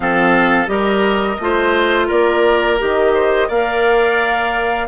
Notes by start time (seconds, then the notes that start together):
0.00 F3 C4 A4 F5
0.66 G3 G4 A#4 D#5
1.39 A3 F4 C5
2.07 A#3 A#4 D5
2.78 D#3 G4 D#5
3.14 C5
3.48 A#3 A#4 D5 F5